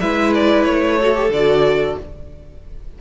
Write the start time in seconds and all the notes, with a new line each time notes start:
0.00 G#3 E4 B4 E5
0.34 D5
0.64 A3 C#5
1.00 F#4 A4
1.14 G4
1.29 D3 F#4 D5